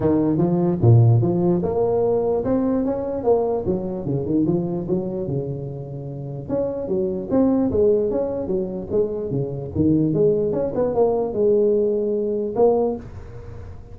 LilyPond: \new Staff \with { instrumentName = "tuba" } { \time 4/4 \tempo 4 = 148 dis4 f4 ais,4 f4 | ais2 c'4 cis'4 | ais4 fis4 cis8 dis8 f4 | fis4 cis2. |
cis'4 fis4 c'4 gis4 | cis'4 fis4 gis4 cis4 | dis4 gis4 cis'8 b8 ais4 | gis2. ais4 | }